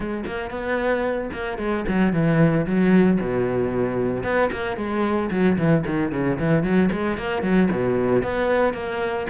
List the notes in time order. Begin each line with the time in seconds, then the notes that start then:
0.00 G#3
0.26 A#3
0.50 B3
1.32 A#3
1.58 G#3
1.88 F#3
2.12 E3
2.66 F#3
3.20 B2
4.23 B3
4.51 A#3
4.76 G#3
5.30 F#3
5.58 E3
5.86 D#3
6.12 C#3
6.39 E3
6.63 F#3
6.91 G#3
7.17 A#3
7.42 F#3
7.71 B2
8.23 B3
8.73 A#3